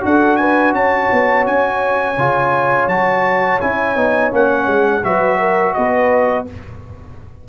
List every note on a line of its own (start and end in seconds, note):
0.00 0.72 D4
0.00 2.14 F#4
0.00 0.39 A4
0.00 0.36 F#5
0.36 0.75 B4
0.36 0.72 G#5
0.72 1.08 C#4
0.72 5.04 C#5
0.72 1.45 A5
1.11 1.46 B3
1.46 2.17 C#4
1.46 2.88 G#5
2.17 2.87 C#3
2.17 2.89 F4
2.87 3.58 F#3
2.87 3.60 F#4
2.87 3.60 A5
3.60 3.96 C#4
3.60 3.96 E4
3.60 4.31 G#5
3.96 4.31 B3
3.96 4.31 D#4
4.31 4.67 A#3
4.31 5.02 C#4
4.31 5.04 F#5
4.67 5.02 G#3
5.03 5.75 F#3
5.03 6.46 F#4
5.03 5.39 B4
5.03 5.73 E5
5.39 5.75 A#4
5.73 6.48 B3
5.73 6.47 B4
5.73 6.45 D#5